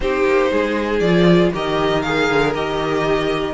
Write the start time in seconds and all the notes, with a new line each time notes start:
0.00 C4 D#4 G4 C5
0.25 A#3
0.51 G#3 G#4
0.99 F3 F4 D5
1.53 D#3 G4 A#4 D#5
2.01 G#4 F5
2.30 D3
2.54 D#3 G4 D#5